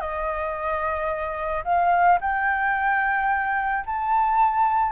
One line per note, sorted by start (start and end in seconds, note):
0.00 1.64 D#5
1.64 2.19 F5
2.21 3.84 G5
3.86 4.92 A5